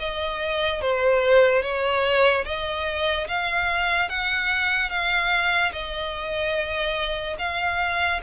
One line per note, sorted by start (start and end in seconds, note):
0.00 0.82 D#5
0.82 1.63 C5
1.63 2.45 C#5
2.45 3.28 D#5
3.28 4.10 F5
4.10 4.90 F#5
4.90 5.72 F5
5.73 7.37 D#5
7.39 8.21 F5